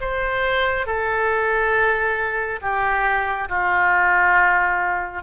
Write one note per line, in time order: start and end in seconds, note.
0.00 0.86 C5
0.86 2.60 A4
2.61 3.48 G4
3.49 5.23 F4